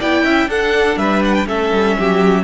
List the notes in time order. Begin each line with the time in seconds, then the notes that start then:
0.00 B3 E4 D5 G5
0.24 C#4 E5
0.47 D4 A4 F#5
0.97 G3 B4 E5
1.25 F#5
1.35 G5
1.47 A3 C#4 A4 E5
1.73 G3
1.99 F#3 G4